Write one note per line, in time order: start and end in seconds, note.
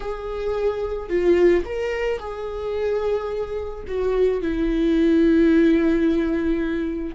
0.00 1.09 G#4
1.09 1.64 F4
1.65 2.19 A#4
2.19 3.84 G#4
3.87 4.41 F#4
4.41 7.15 E4